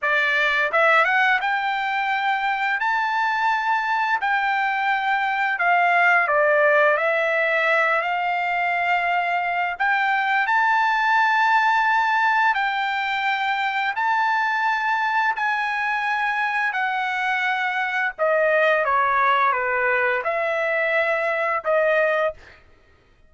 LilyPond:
\new Staff \with { instrumentName = "trumpet" } { \time 4/4 \tempo 4 = 86 d''4 e''8 fis''8 g''2 | a''2 g''2 | f''4 d''4 e''4. f''8~ | f''2 g''4 a''4~ |
a''2 g''2 | a''2 gis''2 | fis''2 dis''4 cis''4 | b'4 e''2 dis''4 | }